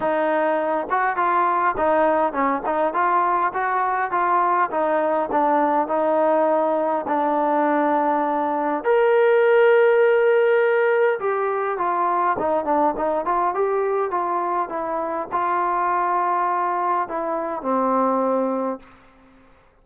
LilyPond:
\new Staff \with { instrumentName = "trombone" } { \time 4/4 \tempo 4 = 102 dis'4. fis'8 f'4 dis'4 | cis'8 dis'8 f'4 fis'4 f'4 | dis'4 d'4 dis'2 | d'2. ais'4~ |
ais'2. g'4 | f'4 dis'8 d'8 dis'8 f'8 g'4 | f'4 e'4 f'2~ | f'4 e'4 c'2 | }